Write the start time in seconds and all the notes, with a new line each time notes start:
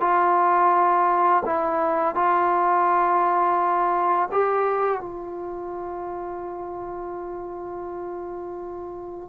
0.00 F4
1.45 E4
2.15 F4
4.32 G4
5.00 F4